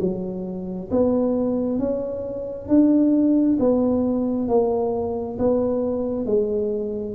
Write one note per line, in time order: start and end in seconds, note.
0.00 0.90 F#3
0.91 1.79 B3
1.79 2.68 C#4
2.68 3.58 D4
3.59 4.48 B3
4.48 5.38 A#3
5.39 6.26 B3
6.26 7.15 G#3